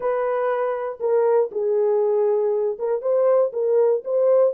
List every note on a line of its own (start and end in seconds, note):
0.00 0.98 B4
0.99 1.50 A#4
1.51 2.77 G#4
2.78 3.01 A#4
3.01 3.52 C5
3.52 4.03 A#4
4.04 4.54 C5